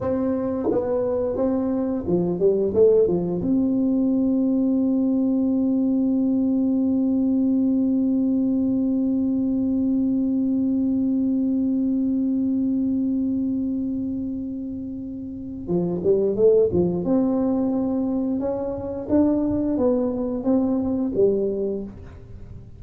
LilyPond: \new Staff \with { instrumentName = "tuba" } { \time 4/4 \tempo 4 = 88 c'4 b4 c'4 f8 g8 | a8 f8 c'2.~ | c'1~ | c'1~ |
c'1~ | c'2. f8 g8 | a8 f8 c'2 cis'4 | d'4 b4 c'4 g4 | }